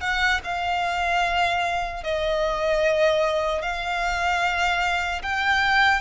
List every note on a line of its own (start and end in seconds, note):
0.00 0.40 F#5
0.44 2.03 F5
2.03 3.62 D#5
3.62 5.22 F5
5.22 6.01 G5